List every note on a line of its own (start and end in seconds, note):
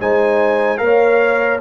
0.00 0.81 G#3
0.00 0.78 D#4
0.00 0.81 C5
0.00 0.78 G#5
0.78 1.61 A#3
0.78 1.59 A#4
0.78 1.59 F5
0.84 1.61 C#5